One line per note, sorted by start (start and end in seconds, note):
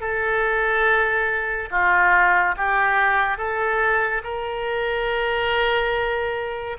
0.00 1.69 A4
1.71 2.55 F4
2.57 3.37 G4
3.37 4.22 A4
4.23 6.77 A#4